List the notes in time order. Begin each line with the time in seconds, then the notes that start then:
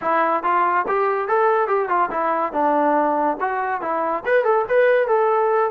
0.01 E4
0.43 F4
0.87 G4
1.28 A4
1.67 G4
1.88 F4
2.10 E4
2.52 D4
3.40 F#4
3.81 E4
4.25 B4
4.44 A4
4.68 B4
5.07 A4